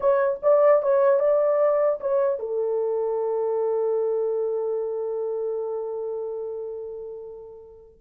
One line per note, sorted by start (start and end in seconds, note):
0.00 0.39 C#5
0.42 0.82 D5
0.82 1.19 C#5
1.19 1.99 D5
2.00 2.39 C#5
2.39 7.99 A4